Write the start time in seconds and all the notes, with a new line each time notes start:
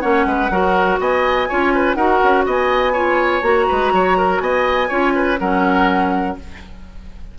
0.00 A#3 C#4 C#5 F#5
0.25 G#3 B4
0.50 F#3 F#4 A#4
0.99 B3 D#5 G#5
1.48 C#4 F4 C#5
1.74 B4
1.94 D#4 F#4 A#4 F#5
2.23 C#4
2.45 B3 D#5 G#5
2.92 F4 C#5
3.42 A#3 F#4 A#5
3.68 G#3 B4
3.92 F#3 C#5
4.17 A#4
4.40 B3 D#5 G#5
4.88 C#4 F4 C#5
5.15 B4
5.39 F#3 C#4 A#4 F#5